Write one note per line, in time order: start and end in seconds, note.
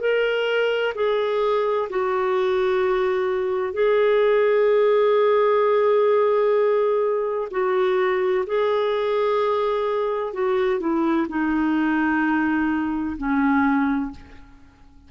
0.00 0.94 A#4
0.95 1.89 G#4
1.90 3.73 F#4
3.73 7.48 G#4
7.51 8.45 F#4
8.46 10.33 G#4
10.33 10.80 F#4
10.80 11.27 E4
11.29 13.16 D#4
13.17 14.11 C#4